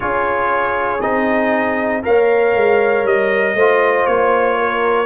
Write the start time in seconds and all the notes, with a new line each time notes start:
0.00 C#4 F4 G#4 C#5
1.00 C4 D#4 D#5
2.02 A#3 A#4 C#5 F5
2.55 G#3
3.04 G3 D#5
3.54 A3 F4 C5
4.06 A#3 C#5
4.58 A#4